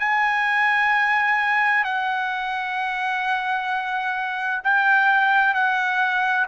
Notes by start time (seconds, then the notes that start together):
0.00 G#5
1.85 F#5
4.64 G5
5.54 F#5